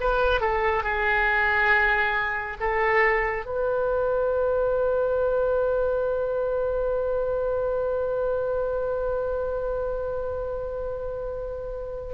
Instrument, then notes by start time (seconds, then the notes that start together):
oboe
0.00 B4
0.41 A4
0.83 G#4
2.60 A4
3.45 B4